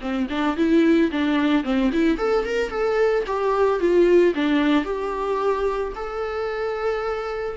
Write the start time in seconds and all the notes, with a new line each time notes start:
0.00 C4
0.29 D4
0.56 E4
1.11 D4
1.63 C4
1.92 E4
2.18 A4
2.44 A#4
2.69 A4
3.26 G4
3.79 F4
4.34 D4
4.84 G4
5.95 A4